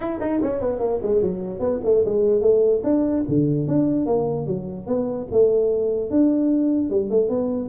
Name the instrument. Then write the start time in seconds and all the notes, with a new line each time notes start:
tuba
0.00 E4
0.20 D#4
0.42 C#4
0.61 B3
0.79 A#3
1.02 G#3
1.22 F#3
1.59 B3
1.84 A3
2.05 G#3
2.41 A3
2.83 D4
3.28 D3
3.67 D4
4.06 A#3
4.46 F#3
4.86 B3
5.31 A3
6.10 D4
6.90 G3
7.09 A3
7.29 B3